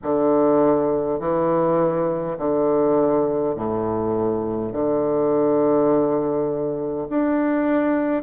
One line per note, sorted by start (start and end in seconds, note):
0.02 1.19 D3
1.19 2.37 E3
2.37 3.55 D3
3.56 4.72 A2
4.72 7.07 D3
7.09 8.22 D4